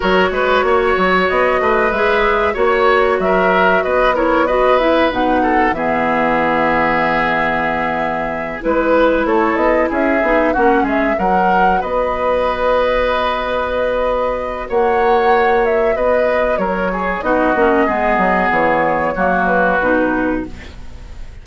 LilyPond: <<
  \new Staff \with { instrumentName = "flute" } { \time 4/4 \tempo 4 = 94 cis''2 dis''4 e''4 | cis''4 e''4 dis''8 cis''8 dis''8 e''8 | fis''4 e''2.~ | e''4. b'4 cis''8 dis''8 e''8~ |
e''8 fis''8 e''8 fis''4 dis''4.~ | dis''2. fis''4~ | fis''8 e''8 dis''4 cis''4 dis''4~ | dis''4 cis''4. b'4. | }
  \new Staff \with { instrumentName = "oboe" } { \time 4/4 ais'8 b'8 cis''4. b'4. | cis''4 ais'4 b'8 ais'8 b'4~ | b'8 a'8 gis'2.~ | gis'4. b'4 a'4 gis'8~ |
gis'8 fis'8 gis'8 ais'4 b'4.~ | b'2. cis''4~ | cis''4 b'4 ais'8 gis'8 fis'4 | gis'2 fis'2 | }
  \new Staff \with { instrumentName = "clarinet" } { \time 4/4 fis'2. gis'4 | fis'2~ fis'8 e'8 fis'8 e'8 | dis'4 b2.~ | b4. e'2~ e'8 |
dis'8 cis'4 fis'2~ fis'8~ | fis'1~ | fis'2. dis'8 cis'8 | b2 ais4 dis'4 | }
  \new Staff \with { instrumentName = "bassoon" } { \time 4/4 fis8 gis8 ais8 fis8 b8 a8 gis4 | ais4 fis4 b2 | b,4 e2.~ | e4. gis4 a8 b8 cis'8 |
b8 ais8 gis8 fis4 b4.~ | b2. ais4~ | ais4 b4 fis4 b8 ais8 | gis8 fis8 e4 fis4 b,4 | }
>>